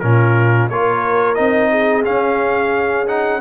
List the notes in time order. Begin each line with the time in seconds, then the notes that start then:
0.00 A#2 C#4 F4 A#4
0.70 A#3 F4 A#4 C#5
1.35 C4 D#4 D#5
1.71 G#4
2.04 C#4 F5
3.07 D#4 F#5